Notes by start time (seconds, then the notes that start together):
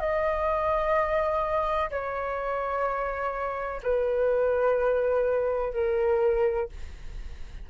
0.00 D#5
1.90 C#5
3.83 B4
5.74 A#4